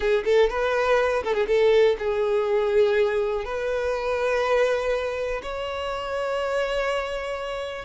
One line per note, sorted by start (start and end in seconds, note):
0.00 0.23 G#4
0.25 0.49 A4
0.49 1.23 B4
1.23 1.34 A4
1.34 1.46 G#4
1.47 1.96 A4
1.98 3.44 G#4
3.44 5.41 B4
5.42 7.85 C#5